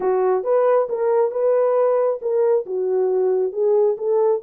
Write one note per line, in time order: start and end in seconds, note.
0.00 0.43 F#4
0.43 0.87 B4
0.89 1.31 A#4
1.31 2.19 B4
2.21 2.65 A#4
2.66 3.52 F#4
3.52 3.96 G#4
3.97 4.41 A4